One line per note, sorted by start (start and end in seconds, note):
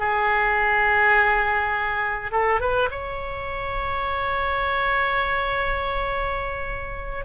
0.00 2.32 G#4
2.32 2.61 A4
2.61 2.90 B4
2.91 7.26 C#5